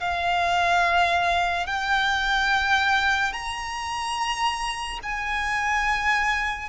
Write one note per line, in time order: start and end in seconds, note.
0.00 1.66 F5
1.66 3.33 G5
3.33 4.99 A#5
5.03 6.69 G#5